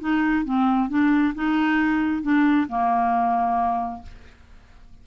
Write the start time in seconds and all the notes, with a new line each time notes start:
0.00 D#4
0.45 C4
0.89 D4
1.35 D#4
2.22 D4
2.68 A#3